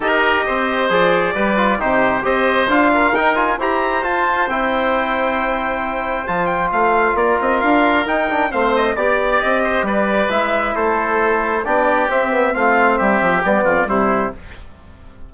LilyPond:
<<
  \new Staff \with { instrumentName = "trumpet" } { \time 4/4 \tempo 4 = 134 dis''2 d''2 | c''4 dis''4 f''4 g''8 gis''8 | ais''4 a''4 g''2~ | g''2 a''8 g''8 f''4 |
d''8 dis''8 f''4 g''4 f''8 dis''8 | d''4 dis''4 d''4 e''4 | c''2 d''4 e''4 | f''4 e''4 d''4 c''4 | }
  \new Staff \with { instrumentName = "oboe" } { \time 4/4 ais'4 c''2 b'4 | g'4 c''4. ais'4. | c''1~ | c''1 |
ais'2. c''4 | d''4. c''8 b'2 | a'2 g'2 | f'4 g'4. f'8 e'4 | }
  \new Staff \with { instrumentName = "trombone" } { \time 4/4 g'2 gis'4 g'8 f'8 | dis'4 g'4 f'4 dis'8 f'8 | g'4 f'4 e'2~ | e'2 f'2~ |
f'2 dis'8 d'8 c'4 | g'2. e'4~ | e'2 d'4 c'8 b8 | c'2 b4 g4 | }
  \new Staff \with { instrumentName = "bassoon" } { \time 4/4 dis'4 c'4 f4 g4 | c4 c'4 d'4 dis'4 | e'4 f'4 c'2~ | c'2 f4 a4 |
ais8 c'8 d'4 dis'4 a4 | b4 c'4 g4 gis4 | a2 b4 c'4 | a4 g8 f8 g8 f,8 c4 | }
>>